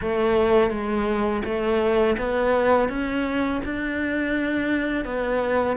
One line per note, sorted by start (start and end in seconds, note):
0.01 0.70 A3
0.70 1.43 G#3
1.44 2.16 A3
2.17 2.88 B3
2.88 3.61 C#4
3.64 5.04 D4
5.04 5.76 B3